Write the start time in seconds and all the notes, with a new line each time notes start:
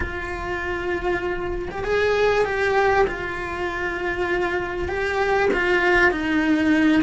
0.00 F4
1.71 G4
1.84 G#4
2.45 G4
3.07 F4
4.88 G4
5.53 F4
6.11 D#4